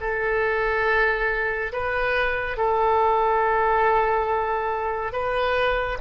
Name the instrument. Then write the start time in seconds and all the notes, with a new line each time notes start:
oboe
0.00 A4
1.72 B4
2.57 A4
5.12 B4